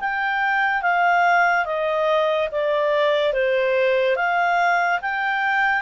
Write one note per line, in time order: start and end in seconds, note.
0.00 0.82 G5
0.82 1.65 F5
1.65 2.48 D#5
2.51 3.33 D5
3.33 4.16 C5
4.16 4.99 F5
5.02 5.81 G5